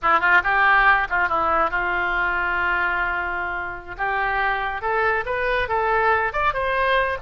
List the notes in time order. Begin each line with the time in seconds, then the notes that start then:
0.02 E4
0.19 F4
0.43 G4
1.09 F4
1.28 E4
1.70 F4
3.97 G4
4.81 A4
5.25 B4
5.68 A4
6.32 D5
6.53 C5